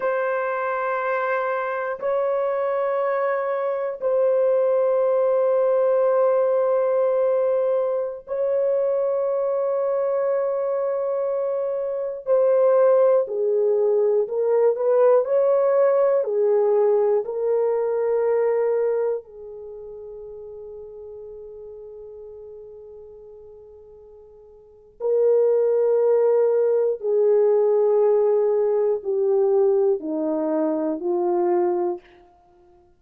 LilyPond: \new Staff \with { instrumentName = "horn" } { \time 4/4 \tempo 4 = 60 c''2 cis''2 | c''1~ | c''16 cis''2.~ cis''8.~ | cis''16 c''4 gis'4 ais'8 b'8 cis''8.~ |
cis''16 gis'4 ais'2 gis'8.~ | gis'1~ | gis'4 ais'2 gis'4~ | gis'4 g'4 dis'4 f'4 | }